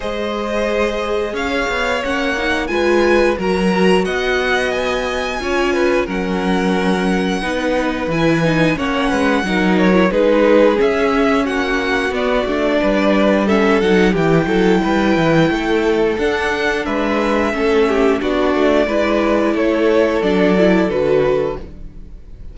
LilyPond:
<<
  \new Staff \with { instrumentName = "violin" } { \time 4/4 \tempo 4 = 89 dis''2 f''4 fis''4 | gis''4 ais''4 fis''4 gis''4~ | gis''4 fis''2. | gis''4 fis''4. cis''8 b'4 |
e''4 fis''4 d''2 | e''8 fis''8 g''2. | fis''4 e''2 d''4~ | d''4 cis''4 d''4 b'4 | }
  \new Staff \with { instrumentName = "violin" } { \time 4/4 c''2 cis''2 | b'4 ais'4 dis''2 | cis''8 b'8 ais'2 b'4~ | b'4 cis''8 b'8 ais'4 gis'4~ |
gis'4 fis'2 b'4 | a'4 g'8 a'8 b'4 a'4~ | a'4 b'4 a'8 g'8 fis'4 | b'4 a'2. | }
  \new Staff \with { instrumentName = "viola" } { \time 4/4 gis'2. cis'8 dis'8 | f'4 fis'2. | f'4 cis'2 dis'4 | e'8 dis'8 cis'4 dis'8. e'16 dis'4 |
cis'2 b8 d'4. | cis'8 dis'8 e'2. | d'2 cis'4 d'4 | e'2 d'8 e'8 fis'4 | }
  \new Staff \with { instrumentName = "cello" } { \time 4/4 gis2 cis'8 b8 ais4 | gis4 fis4 b2 | cis'4 fis2 b4 | e4 ais8 gis8 fis4 gis4 |
cis'4 ais4 b8 a8 g4~ | g8 fis8 e8 fis8 g8 e8 a4 | d'4 gis4 a4 b8 a8 | gis4 a4 fis4 d4 | }
>>